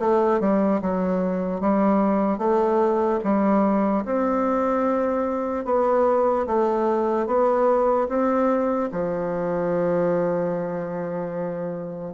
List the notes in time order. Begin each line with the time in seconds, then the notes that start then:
0.00 A3
0.41 G3
0.82 F#3
1.61 G3
2.39 A3
3.24 G3
4.05 C4
5.65 B3
6.47 A3
7.27 B3
8.09 C4
8.92 F3